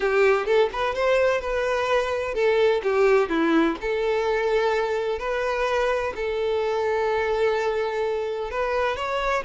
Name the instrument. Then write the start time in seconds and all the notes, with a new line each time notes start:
violin
0.00 G4
0.46 A4
0.72 B4
0.94 C5
1.40 B4
2.34 A4
2.83 G4
3.29 E4
3.81 A4
5.18 B4
6.15 A4
8.51 B4
8.96 C#5